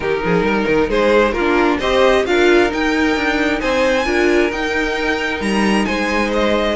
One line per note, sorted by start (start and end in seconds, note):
0.00 0.22 D#3
0.00 1.35 D#4
0.00 0.23 G4
0.00 0.90 A#4
0.24 0.41 F3
0.24 0.46 G#4
0.41 0.64 G3
0.41 0.89 A#4
0.67 0.89 D#3
0.89 1.33 G#3
0.89 1.33 G#4
0.89 1.32 C5
1.32 1.78 A#3
1.32 1.78 F4
1.32 1.77 A#4
1.39 1.81 D4
1.78 2.24 C4
1.78 2.25 G4
1.78 2.23 C5
1.78 2.25 D#5
2.25 2.72 D4
2.25 2.68 F4
2.25 3.60 A#4
2.25 2.71 F5
2.68 4.04 D#4
2.68 3.16 D#4
2.68 3.60 G5
3.16 3.61 D4
3.60 4.05 C4
3.60 4.05 C5
3.60 4.50 G#5
4.05 4.50 D4
4.05 4.50 F4
4.05 5.86 A#4
4.50 5.40 D#4
4.50 6.75 D#4
4.50 5.41 G5
5.40 5.85 G3
5.40 5.85 A#5
5.85 6.75 G#3
5.85 6.75 C5
5.85 6.30 G#5
6.33 6.75 D#5